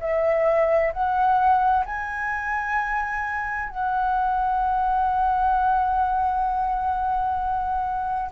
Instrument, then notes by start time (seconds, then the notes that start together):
flute
0.00 E5
0.93 F#5
1.85 G#5
3.69 F#5